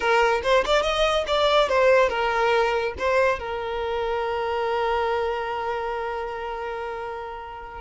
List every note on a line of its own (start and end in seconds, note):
0.00 0.41 A#4
0.43 0.64 C5
0.65 0.82 D5
0.82 1.24 D#5
1.27 1.68 D5
1.68 2.09 C5
2.09 2.93 A#4
2.98 3.39 C5
3.39 7.81 A#4